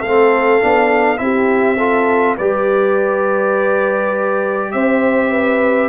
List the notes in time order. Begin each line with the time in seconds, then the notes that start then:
0.00 A3 C4 A4 F5
0.61 B3 D4
1.17 C4 E4 G4 E5
1.77 F4 A4
2.37 G3 G4 B4 D5
4.72 C4 C5 E5
5.30 B4